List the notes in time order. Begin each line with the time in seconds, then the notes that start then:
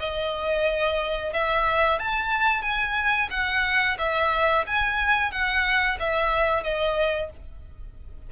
0.00 D#5
1.34 E5
1.99 A5
2.62 G#5
3.31 F#5
3.98 E5
4.67 G#5
5.32 F#5
6.00 E5
6.64 D#5